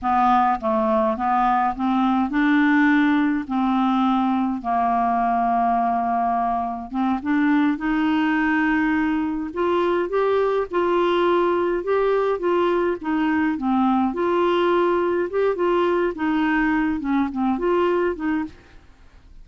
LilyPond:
\new Staff \with { instrumentName = "clarinet" } { \time 4/4 \tempo 4 = 104 b4 a4 b4 c'4 | d'2 c'2 | ais1 | c'8 d'4 dis'2~ dis'8~ |
dis'8 f'4 g'4 f'4.~ | f'8 g'4 f'4 dis'4 c'8~ | c'8 f'2 g'8 f'4 | dis'4. cis'8 c'8 f'4 dis'8 | }